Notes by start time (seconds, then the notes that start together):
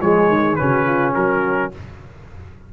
0.00 F3 G#3 G#4 C#5
0.28 D#3
0.55 C#3 C#4 F#4 B4
0.85 F4
1.14 F#3 F#4 A#4